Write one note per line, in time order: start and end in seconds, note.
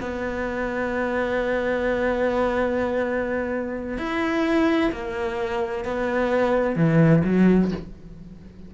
0.00 3.98 B3
3.98 4.91 E4
4.92 5.84 A#3
5.84 6.76 B3
6.76 7.23 E3
7.24 7.71 F#3